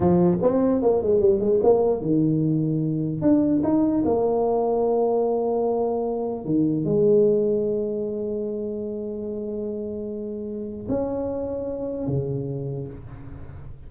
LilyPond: \new Staff \with { instrumentName = "tuba" } { \time 4/4 \tempo 4 = 149 f4 c'4 ais8 gis8 g8 gis8 | ais4 dis2. | d'4 dis'4 ais2~ | ais1 |
dis4 gis2.~ | gis1~ | gis2. cis'4~ | cis'2 cis2 | }